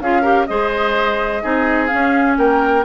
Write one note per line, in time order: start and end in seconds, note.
0.00 0.48 C#4
0.00 0.23 F4
0.00 0.22 G#4
0.00 0.46 F5
0.22 0.47 G4
0.22 0.45 A#4
0.46 1.44 G#3
0.46 1.42 G#4
0.46 1.43 C5
0.46 1.87 D#5
1.42 1.91 C4
1.42 1.89 D#4
1.42 2.38 G#4
1.87 2.84 C#4
1.87 2.35 F5
1.93 2.38 C#4
2.38 2.85 A#3
2.38 2.85 A#4
2.38 2.85 G5